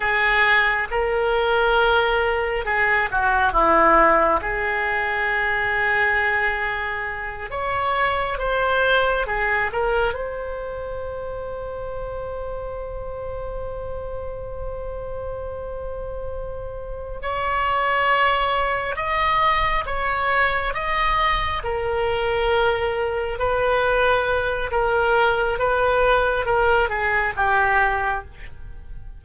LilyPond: \new Staff \with { instrumentName = "oboe" } { \time 4/4 \tempo 4 = 68 gis'4 ais'2 gis'8 fis'8 | e'4 gis'2.~ | gis'8 cis''4 c''4 gis'8 ais'8 c''8~ | c''1~ |
c''2.~ c''8 cis''8~ | cis''4. dis''4 cis''4 dis''8~ | dis''8 ais'2 b'4. | ais'4 b'4 ais'8 gis'8 g'4 | }